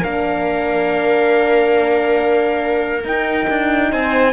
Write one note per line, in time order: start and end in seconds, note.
0.00 3.04 A#3
0.00 3.04 D4
0.00 3.88 A#4
0.00 3.06 F5
3.04 3.47 D#4
3.04 4.33 D#4
3.04 3.92 G5
3.49 3.92 D4
3.91 4.33 C4
3.91 4.33 C5
3.91 4.33 G#5